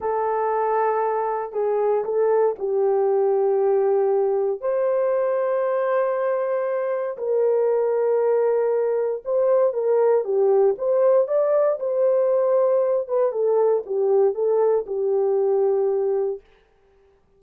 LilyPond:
\new Staff \with { instrumentName = "horn" } { \time 4/4 \tempo 4 = 117 a'2. gis'4 | a'4 g'2.~ | g'4 c''2.~ | c''2 ais'2~ |
ais'2 c''4 ais'4 | g'4 c''4 d''4 c''4~ | c''4. b'8 a'4 g'4 | a'4 g'2. | }